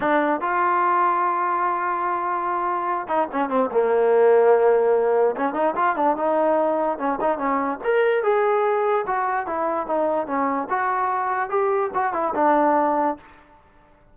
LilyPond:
\new Staff \with { instrumentName = "trombone" } { \time 4/4 \tempo 4 = 146 d'4 f'2.~ | f'2.~ f'8 dis'8 | cis'8 c'8 ais2.~ | ais4 cis'8 dis'8 f'8 d'8 dis'4~ |
dis'4 cis'8 dis'8 cis'4 ais'4 | gis'2 fis'4 e'4 | dis'4 cis'4 fis'2 | g'4 fis'8 e'8 d'2 | }